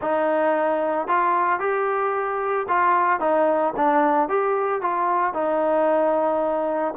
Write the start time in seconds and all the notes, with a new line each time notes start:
0.01 D#4
1.07 F4
1.59 G4
2.68 F4
3.20 D#4
3.76 D4
4.29 G4
4.81 F4
5.33 D#4